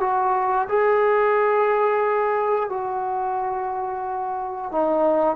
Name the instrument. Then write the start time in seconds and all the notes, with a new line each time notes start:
trombone
0.00 F#4
0.68 G#4
2.70 F#4
4.72 D#4